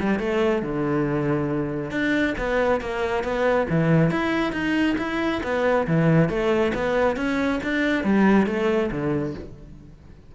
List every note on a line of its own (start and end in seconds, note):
0.00 0.20 G3
0.20 0.63 A3
0.63 1.91 D3
1.91 2.35 D4
2.39 2.81 B3
2.81 3.24 A#3
3.24 3.67 B3
3.70 4.11 E3
4.11 4.53 E4
4.53 4.96 D#4
4.98 5.42 E4
5.44 5.87 B3
5.88 6.30 E3
6.30 6.73 A3
6.75 7.17 B3
7.17 7.60 C#4
7.64 8.05 D4
8.05 8.47 G3
8.47 8.90 A3
8.92 9.35 D3